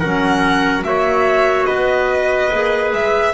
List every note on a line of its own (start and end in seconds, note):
0.00 0.83 F#3
0.00 0.84 C#4
0.00 0.83 A#4
0.00 0.84 F#5
0.83 1.66 A#3
0.83 2.51 F#4
0.83 1.67 C#5
0.83 1.66 E5
1.66 2.52 B3
1.66 3.34 B4
1.66 2.91 D#5
2.53 2.93 A#3
2.53 3.34 G#4
2.93 3.34 G#3
2.93 3.34 E5